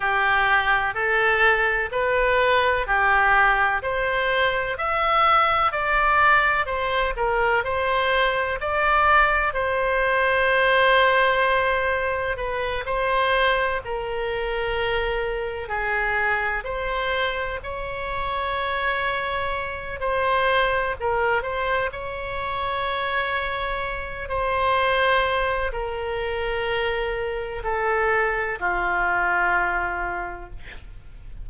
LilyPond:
\new Staff \with { instrumentName = "oboe" } { \time 4/4 \tempo 4 = 63 g'4 a'4 b'4 g'4 | c''4 e''4 d''4 c''8 ais'8 | c''4 d''4 c''2~ | c''4 b'8 c''4 ais'4.~ |
ais'8 gis'4 c''4 cis''4.~ | cis''4 c''4 ais'8 c''8 cis''4~ | cis''4. c''4. ais'4~ | ais'4 a'4 f'2 | }